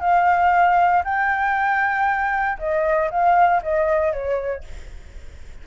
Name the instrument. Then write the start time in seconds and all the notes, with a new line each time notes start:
flute
0.00 F5
1.04 G5
2.58 D#5
3.10 F5
3.62 D#5
4.12 C#5